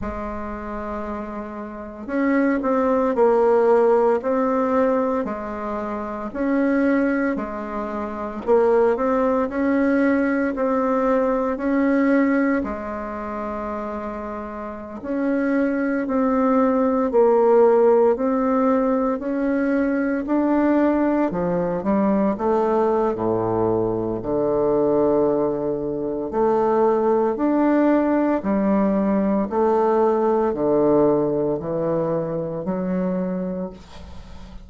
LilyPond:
\new Staff \with { instrumentName = "bassoon" } { \time 4/4 \tempo 4 = 57 gis2 cis'8 c'8 ais4 | c'4 gis4 cis'4 gis4 | ais8 c'8 cis'4 c'4 cis'4 | gis2~ gis16 cis'4 c'8.~ |
c'16 ais4 c'4 cis'4 d'8.~ | d'16 f8 g8 a8. a,4 d4~ | d4 a4 d'4 g4 | a4 d4 e4 fis4 | }